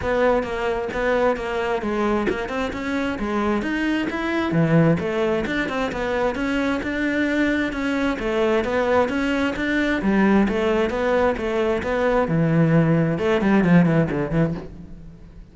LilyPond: \new Staff \with { instrumentName = "cello" } { \time 4/4 \tempo 4 = 132 b4 ais4 b4 ais4 | gis4 ais8 c'8 cis'4 gis4 | dis'4 e'4 e4 a4 | d'8 c'8 b4 cis'4 d'4~ |
d'4 cis'4 a4 b4 | cis'4 d'4 g4 a4 | b4 a4 b4 e4~ | e4 a8 g8 f8 e8 d8 e8 | }